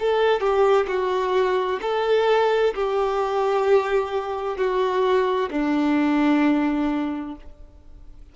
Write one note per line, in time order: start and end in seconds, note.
0.00 0.41 A4
0.41 0.87 G4
0.88 1.80 F#4
1.82 2.74 A4
2.75 4.58 G4
4.58 5.50 F#4
5.51 7.36 D4